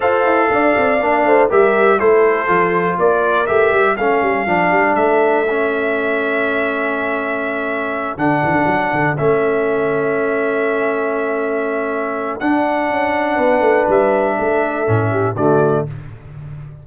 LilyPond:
<<
  \new Staff \with { instrumentName = "trumpet" } { \time 4/4 \tempo 4 = 121 f''2. e''4 | c''2 d''4 e''4 | f''2 e''2~ | e''1~ |
e''8 fis''2 e''4.~ | e''1~ | e''4 fis''2. | e''2. d''4 | }
  \new Staff \with { instrumentName = "horn" } { \time 4/4 c''4 d''4. c''8 ais'4 | a'2 ais'2 | a'1~ | a'1~ |
a'1~ | a'1~ | a'2. b'4~ | b'4 a'4. g'8 fis'4 | }
  \new Staff \with { instrumentName = "trombone" } { \time 4/4 a'2 d'4 g'4 | e'4 f'2 g'4 | cis'4 d'2 cis'4~ | cis'1~ |
cis'8 d'2 cis'4.~ | cis'1~ | cis'4 d'2.~ | d'2 cis'4 a4 | }
  \new Staff \with { instrumentName = "tuba" } { \time 4/4 f'8 e'8 d'8 c'8 ais8 a8 g4 | a4 f4 ais4 a8 g8 | a8 g8 f8 g8 a2~ | a1~ |
a8 d8 e16 d16 fis8 d8 a4.~ | a1~ | a4 d'4 cis'4 b8 a8 | g4 a4 a,4 d4 | }
>>